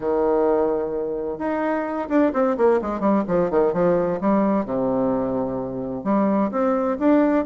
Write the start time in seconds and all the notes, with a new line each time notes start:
0.00 D#3
1.38 D#4
2.08 D4
2.33 C4
2.57 A#3
2.81 G#3
3.00 G3
3.27 F3
3.50 D#3
3.73 F3
4.20 G3
4.65 C3
6.04 G3
6.51 C4
6.99 D4